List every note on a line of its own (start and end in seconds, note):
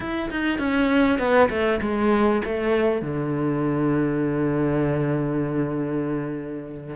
0.00 0.30 E4
0.30 0.58 D#4
0.58 1.18 C#4
1.18 1.49 B3
1.49 1.80 A3
1.81 2.41 G#3
2.44 3.01 A3
3.01 6.95 D3